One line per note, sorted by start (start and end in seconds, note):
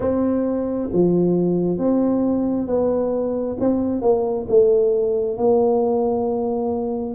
0.00 0.89 C4
0.92 1.77 F3
1.77 2.67 C4
2.67 3.56 B3
3.59 4.01 C4
4.01 4.46 A#3
4.48 5.37 A3
5.37 7.14 A#3